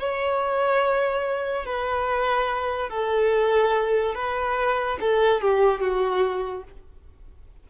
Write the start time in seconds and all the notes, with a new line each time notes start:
0.00 C#5
1.66 B4
2.90 A4
4.15 B4
5.01 A4
5.41 G4
5.81 F#4